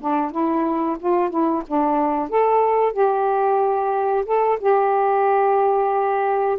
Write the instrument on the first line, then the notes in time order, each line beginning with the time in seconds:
saxophone
0.00 D4
0.31 E4
0.99 F4
1.29 E4
1.67 D4
2.29 A4
2.93 G4
4.25 A4
4.60 G4